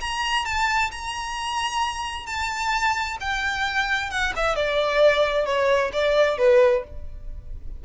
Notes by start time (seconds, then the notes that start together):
0.00 A#5
0.45 A5
0.91 A#5
2.26 A5
3.20 G5
4.10 F#5
4.36 E5
4.55 D5
5.45 C#5
5.92 D5
6.38 B4